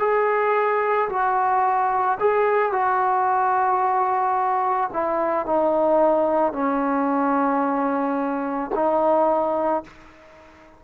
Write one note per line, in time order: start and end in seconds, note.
0.00 1.09 G#4
1.10 2.19 F#4
2.20 2.73 G#4
2.73 4.91 F#4
4.93 5.46 E4
5.46 6.53 D#4
6.53 8.71 C#4
8.75 9.84 D#4